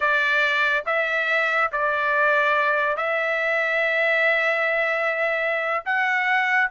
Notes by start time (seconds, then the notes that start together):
0.00 D5
0.85 E5
1.72 D5
2.96 E5
5.85 F#5